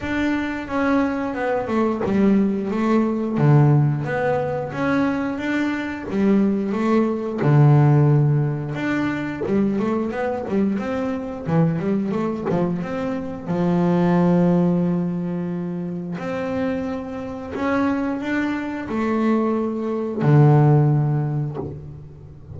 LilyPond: \new Staff \with { instrumentName = "double bass" } { \time 4/4 \tempo 4 = 89 d'4 cis'4 b8 a8 g4 | a4 d4 b4 cis'4 | d'4 g4 a4 d4~ | d4 d'4 g8 a8 b8 g8 |
c'4 e8 g8 a8 f8 c'4 | f1 | c'2 cis'4 d'4 | a2 d2 | }